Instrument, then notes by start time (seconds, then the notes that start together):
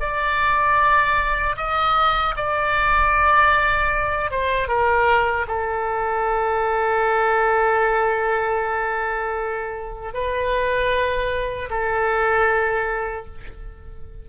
oboe
0.00 D5
1.57 D#5
2.36 D5
4.31 C5
4.68 A#4
5.47 A4
10.13 B4
11.70 A4